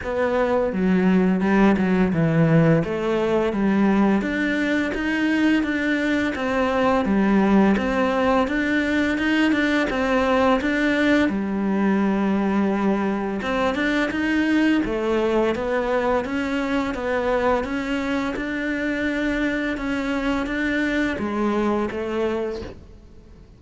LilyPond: \new Staff \with { instrumentName = "cello" } { \time 4/4 \tempo 4 = 85 b4 fis4 g8 fis8 e4 | a4 g4 d'4 dis'4 | d'4 c'4 g4 c'4 | d'4 dis'8 d'8 c'4 d'4 |
g2. c'8 d'8 | dis'4 a4 b4 cis'4 | b4 cis'4 d'2 | cis'4 d'4 gis4 a4 | }